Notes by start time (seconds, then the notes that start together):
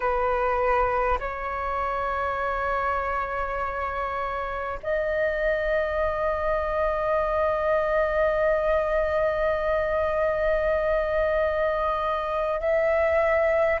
0.00 B4
1.19 C#5
4.82 D#5
12.60 E5